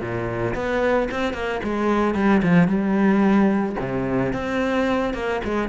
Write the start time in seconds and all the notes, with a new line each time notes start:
0.00 A#2
0.55 B3
1.11 C4
1.33 A#3
1.63 G#3
2.14 G3
2.42 F3
2.68 G3
3.80 C3
4.33 C4
5.14 A#3
5.44 G#3